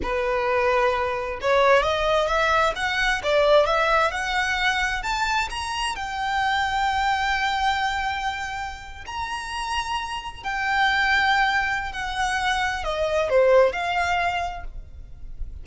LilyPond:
\new Staff \with { instrumentName = "violin" } { \time 4/4 \tempo 4 = 131 b'2. cis''4 | dis''4 e''4 fis''4 d''4 | e''4 fis''2 a''4 | ais''4 g''2.~ |
g''2.~ g''8. ais''16~ | ais''2~ ais''8. g''4~ g''16~ | g''2 fis''2 | dis''4 c''4 f''2 | }